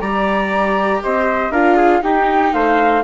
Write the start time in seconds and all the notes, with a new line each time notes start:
0.00 G3 G4 D5 A#5
1.03 C4 C5 D#5
1.50 D4 F4 A#4 F5
1.76 G#4
2.01 D#4 G4 G5
2.53 A3 C5 F5